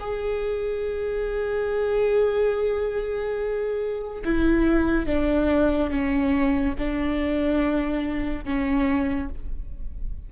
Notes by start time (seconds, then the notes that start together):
0.00 G#4
4.24 E4
5.06 D4
5.90 C#4
6.78 D4
8.45 C#4